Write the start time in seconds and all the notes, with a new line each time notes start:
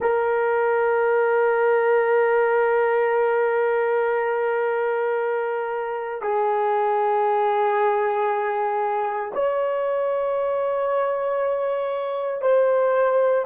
0.00 A#4
6.21 G#4
9.33 C#5
12.41 C5